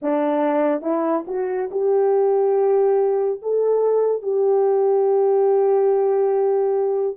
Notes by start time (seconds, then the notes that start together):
0.02 D4
0.81 E4
1.27 F#4
1.71 G4
3.41 A4
4.22 G4